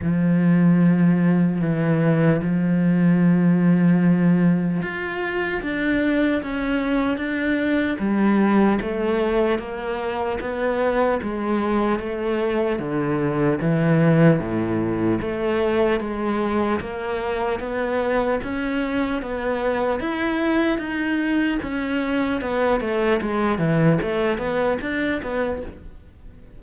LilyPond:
\new Staff \with { instrumentName = "cello" } { \time 4/4 \tempo 4 = 75 f2 e4 f4~ | f2 f'4 d'4 | cis'4 d'4 g4 a4 | ais4 b4 gis4 a4 |
d4 e4 a,4 a4 | gis4 ais4 b4 cis'4 | b4 e'4 dis'4 cis'4 | b8 a8 gis8 e8 a8 b8 d'8 b8 | }